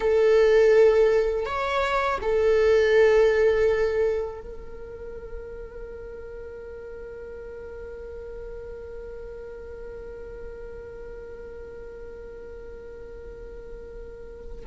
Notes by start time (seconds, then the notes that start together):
0.00 A4
1.45 C#5
2.22 A4
4.41 A#4